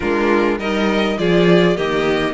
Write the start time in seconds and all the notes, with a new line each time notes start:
0.00 G#3 D4 F4 A#4
0.58 G3 D#4 A#4 D#5
1.17 F3 F4 G#4 D5
1.76 D#3 A#3 G4 D#5